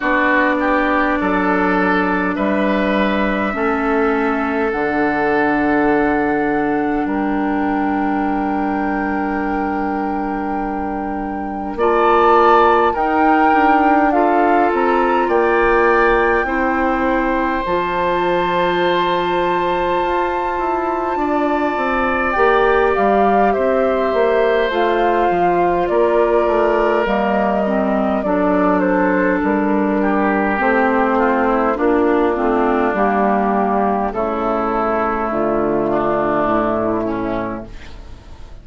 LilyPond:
<<
  \new Staff \with { instrumentName = "flute" } { \time 4/4 \tempo 4 = 51 d''2 e''2 | fis''2 g''2~ | g''2 a''4 g''4 | f''8 ais''8 g''2 a''4~ |
a''2. g''8 f''8 | e''4 f''4 d''4 dis''4 | d''8 c''8 ais'4 c''4 f'4 | g'4 a'4 f'4 e'4 | }
  \new Staff \with { instrumentName = "oboe" } { \time 4/4 fis'8 g'8 a'4 b'4 a'4~ | a'2 ais'2~ | ais'2 d''4 ais'4 | a'4 d''4 c''2~ |
c''2 d''2 | c''2 ais'2 | a'4. g'4 f'16 e'16 d'4~ | d'4 e'4. d'4 cis'8 | }
  \new Staff \with { instrumentName = "clarinet" } { \time 4/4 d'2. cis'4 | d'1~ | d'2 f'4 dis'4 | f'2 e'4 f'4~ |
f'2. g'4~ | g'4 f'2 ais8 c'8 | d'2 c'4 d'8 c'8 | ais4 a2. | }
  \new Staff \with { instrumentName = "bassoon" } { \time 4/4 b4 fis4 g4 a4 | d2 g2~ | g2 ais4 dis'8 d'8~ | d'8 c'8 ais4 c'4 f4~ |
f4 f'8 e'8 d'8 c'8 ais8 g8 | c'8 ais8 a8 f8 ais8 a8 g4 | fis4 g4 a4 ais8 a8 | g4 cis4 d4 a,4 | }
>>